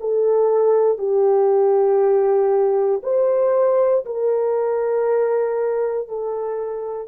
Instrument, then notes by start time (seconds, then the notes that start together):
horn
0.00 A4
0.98 G4
3.03 C5
4.05 A#4
6.08 A4